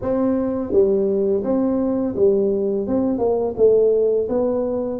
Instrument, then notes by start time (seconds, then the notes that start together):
tuba
0.01 C4
0.71 G3
1.43 C4
2.15 G3
2.87 C4
3.18 A#3
3.56 A3
4.28 B3